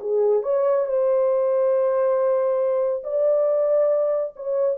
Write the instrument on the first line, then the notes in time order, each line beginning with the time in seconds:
horn
0.00 G#4
0.42 C#5
0.86 C5
3.03 D5
4.36 C#5